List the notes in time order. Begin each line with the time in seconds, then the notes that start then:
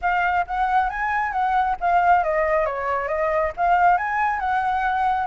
0.01 F5
0.46 F#5
0.89 G#5
1.32 F#5
1.80 F5
2.23 D#5
2.65 C#5
3.08 D#5
3.57 F5
3.97 G#5
4.39 F#5